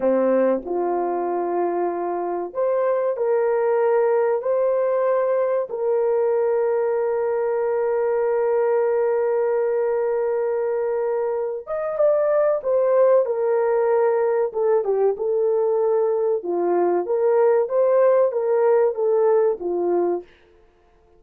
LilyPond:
\new Staff \with { instrumentName = "horn" } { \time 4/4 \tempo 4 = 95 c'4 f'2. | c''4 ais'2 c''4~ | c''4 ais'2.~ | ais'1~ |
ais'2~ ais'8 dis''8 d''4 | c''4 ais'2 a'8 g'8 | a'2 f'4 ais'4 | c''4 ais'4 a'4 f'4 | }